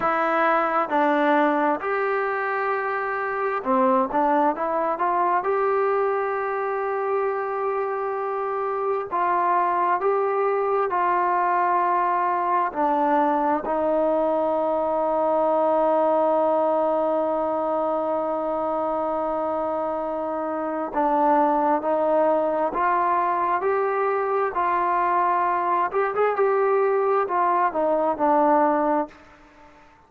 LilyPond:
\new Staff \with { instrumentName = "trombone" } { \time 4/4 \tempo 4 = 66 e'4 d'4 g'2 | c'8 d'8 e'8 f'8 g'2~ | g'2 f'4 g'4 | f'2 d'4 dis'4~ |
dis'1~ | dis'2. d'4 | dis'4 f'4 g'4 f'4~ | f'8 g'16 gis'16 g'4 f'8 dis'8 d'4 | }